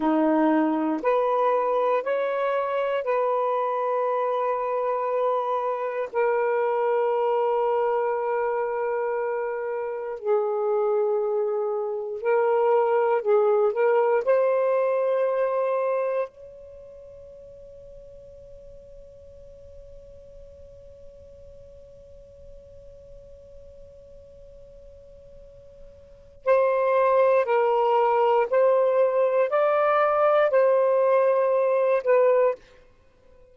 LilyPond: \new Staff \with { instrumentName = "saxophone" } { \time 4/4 \tempo 4 = 59 dis'4 b'4 cis''4 b'4~ | b'2 ais'2~ | ais'2 gis'2 | ais'4 gis'8 ais'8 c''2 |
cis''1~ | cis''1~ | cis''2 c''4 ais'4 | c''4 d''4 c''4. b'8 | }